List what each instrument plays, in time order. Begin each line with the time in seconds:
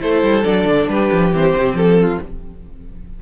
0.00 cello A3, viola E4, violin A4 C5
0.23 cello G3
0.44 cello F#3, viola D4, violin D5
0.65 cello D3
0.88 cello G3, violin G4 B4
1.12 cello F3
1.33 cello E3, viola C4, violin C5
1.57 cello C3
1.74 cello F3, violin A4
2.01 violin F4